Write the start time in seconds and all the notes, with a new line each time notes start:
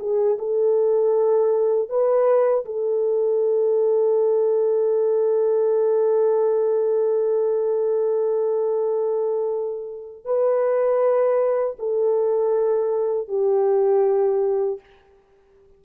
0.00 G#4
0.39 A4
1.89 B4
2.65 A4
10.25 B4
11.79 A4
13.28 G4